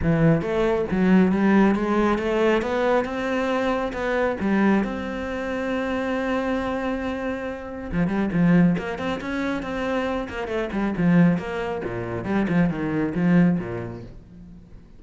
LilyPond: \new Staff \with { instrumentName = "cello" } { \time 4/4 \tempo 4 = 137 e4 a4 fis4 g4 | gis4 a4 b4 c'4~ | c'4 b4 g4 c'4~ | c'1~ |
c'2 f8 g8 f4 | ais8 c'8 cis'4 c'4. ais8 | a8 g8 f4 ais4 ais,4 | g8 f8 dis4 f4 ais,4 | }